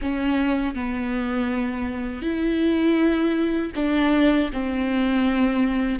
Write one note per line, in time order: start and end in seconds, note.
0.01 0.75 C#4
0.75 2.21 B3
2.21 3.71 E4
3.75 4.50 D4
4.52 5.99 C4